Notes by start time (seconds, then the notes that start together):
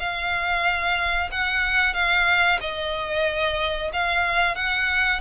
0.00 F5
1.32 F#5
1.94 F5
2.61 D#5
3.93 F5
4.56 F#5